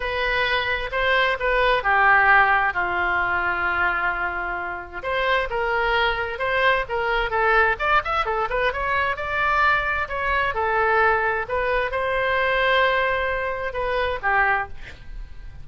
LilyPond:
\new Staff \with { instrumentName = "oboe" } { \time 4/4 \tempo 4 = 131 b'2 c''4 b'4 | g'2 f'2~ | f'2. c''4 | ais'2 c''4 ais'4 |
a'4 d''8 e''8 a'8 b'8 cis''4 | d''2 cis''4 a'4~ | a'4 b'4 c''2~ | c''2 b'4 g'4 | }